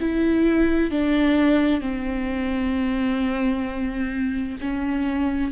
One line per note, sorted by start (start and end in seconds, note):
0.00 0.91 E4
0.91 1.80 D4
1.80 4.57 C4
4.61 5.51 C#4